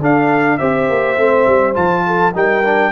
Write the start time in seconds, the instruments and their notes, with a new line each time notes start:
0.00 tuba D4, trombone D4, horn A4, trumpet F5
0.58 tuba C4, trombone G4, horn C5, trumpet E5
0.90 tuba A#3
1.17 tuba A3, trombone C4
1.47 tuba G3
1.74 tuba F3, trombone F4, trumpet A5
2.07 horn A4
2.33 tuba G3, trombone D#4, horn A#4, trumpet G5
2.64 trombone D4